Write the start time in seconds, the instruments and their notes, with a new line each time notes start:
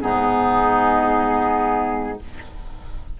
0.00 bassoon G#2, clarinet B3, oboe D#4, flute G#4